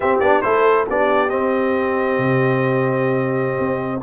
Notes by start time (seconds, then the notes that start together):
0.00 C4 G4 E5
0.19 B3 D4 D5
0.41 A3 E4 A4 C5
0.88 B3 D4 G4 D5
1.29 C4 D#5
2.18 C3
3.58 C4